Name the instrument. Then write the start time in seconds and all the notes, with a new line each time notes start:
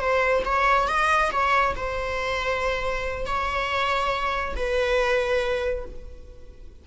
viola
0.00 C5
0.45 C#5
0.88 D#5
1.32 C#5
1.76 C5
3.26 C#5
4.56 B4